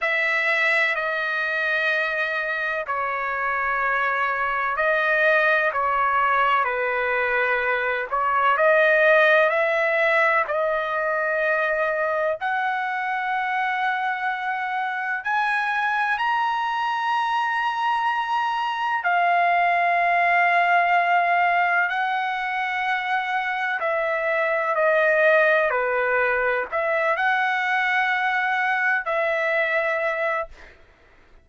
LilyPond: \new Staff \with { instrumentName = "trumpet" } { \time 4/4 \tempo 4 = 63 e''4 dis''2 cis''4~ | cis''4 dis''4 cis''4 b'4~ | b'8 cis''8 dis''4 e''4 dis''4~ | dis''4 fis''2. |
gis''4 ais''2. | f''2. fis''4~ | fis''4 e''4 dis''4 b'4 | e''8 fis''2 e''4. | }